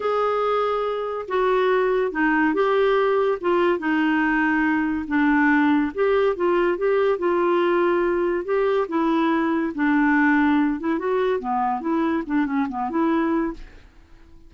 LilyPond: \new Staff \with { instrumentName = "clarinet" } { \time 4/4 \tempo 4 = 142 gis'2. fis'4~ | fis'4 dis'4 g'2 | f'4 dis'2. | d'2 g'4 f'4 |
g'4 f'2. | g'4 e'2 d'4~ | d'4. e'8 fis'4 b4 | e'4 d'8 cis'8 b8 e'4. | }